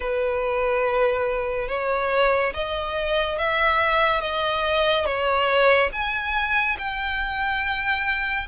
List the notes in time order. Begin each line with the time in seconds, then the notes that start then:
0.00 B4
1.68 C#5
2.54 D#5
3.38 E5
4.21 D#5
5.05 C#5
5.92 G#5
6.78 G5